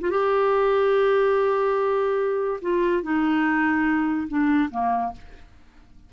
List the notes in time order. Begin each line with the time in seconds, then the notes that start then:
0.00 F4
0.10 G4
2.61 F4
3.02 D#4
4.28 D4
4.71 A#3